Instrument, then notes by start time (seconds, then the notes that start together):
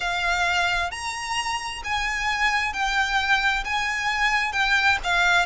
violin
0.00 F5
0.91 A#5
1.84 G#5
2.73 G5
3.64 G#5
4.52 G5
5.03 F5